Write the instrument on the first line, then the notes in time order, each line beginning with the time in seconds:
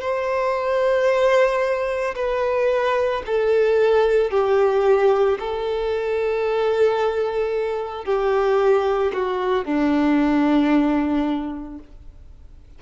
violin
0.00 C5
2.15 B4
3.26 A4
4.31 G4
5.39 A4
8.05 G4
9.13 F#4
9.64 D4